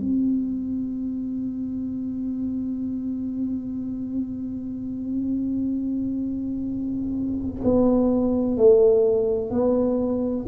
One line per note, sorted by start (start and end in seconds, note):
0.00 7.62 C4
7.65 8.58 B3
8.58 9.51 A3
9.51 10.46 B3